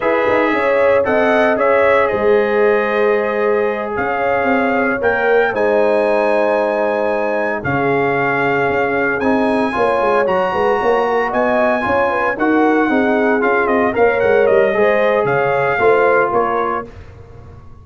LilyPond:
<<
  \new Staff \with { instrumentName = "trumpet" } { \time 4/4 \tempo 4 = 114 e''2 fis''4 e''4 | dis''2.~ dis''8 f''8~ | f''4. g''4 gis''4.~ | gis''2~ gis''8 f''4.~ |
f''4. gis''2 ais''8~ | ais''4. gis''2 fis''8~ | fis''4. f''8 dis''8 f''8 fis''8 dis''8~ | dis''4 f''2 cis''4 | }
  \new Staff \with { instrumentName = "horn" } { \time 4/4 b'4 cis''4 dis''4 cis''4 | c''2.~ c''8 cis''8~ | cis''2~ cis''8 c''4.~ | c''2~ c''8 gis'4.~ |
gis'2~ gis'8 cis''4. | b'8 cis''8 ais'8 dis''4 cis''8 b'8 ais'8~ | ais'8 gis'2 cis''4. | c''4 cis''4 c''4 ais'4 | }
  \new Staff \with { instrumentName = "trombone" } { \time 4/4 gis'2 a'4 gis'4~ | gis'1~ | gis'4. ais'4 dis'4.~ | dis'2~ dis'8 cis'4.~ |
cis'4. dis'4 f'4 fis'8~ | fis'2~ fis'8 f'4 fis'8~ | fis'8 dis'4 f'4 ais'4. | gis'2 f'2 | }
  \new Staff \with { instrumentName = "tuba" } { \time 4/4 e'8 dis'8 cis'4 c'4 cis'4 | gis2.~ gis8 cis'8~ | cis'8 c'4 ais4 gis4.~ | gis2~ gis8 cis4.~ |
cis8 cis'4 c'4 ais8 gis8 fis8 | gis8 ais4 b4 cis'4 dis'8~ | dis'8 c'4 cis'8 c'8 ais8 gis8 g8 | gis4 cis4 a4 ais4 | }
>>